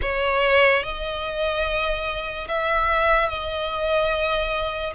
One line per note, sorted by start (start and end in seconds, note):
0.01 0.83 C#5
0.83 2.47 D#5
2.48 3.28 E5
3.28 4.93 D#5